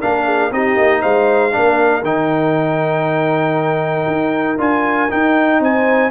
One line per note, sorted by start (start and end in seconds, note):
0.00 0.51 A#3
0.00 0.51 D4
0.00 0.25 A#4
0.00 0.52 F5
0.25 0.51 G#4
0.51 0.76 C4
0.51 1.51 D#4
0.51 1.01 G4
0.51 1.02 D#5
0.76 1.01 A#3
1.01 1.55 G#3
1.01 1.52 C5
1.01 2.03 F5
1.51 2.03 A#3
1.51 2.02 D4
1.51 5.61 A#4
2.03 4.06 D#3
2.03 4.58 D#4
2.03 4.59 G5
4.07 4.58 D#4
4.58 5.09 D4
4.58 5.09 F4
4.58 5.11 G#5
5.09 6.10 D#4
5.09 5.60 D#4
5.09 5.62 G5
5.60 6.10 C4
5.60 6.10 C5
5.60 6.10 G#5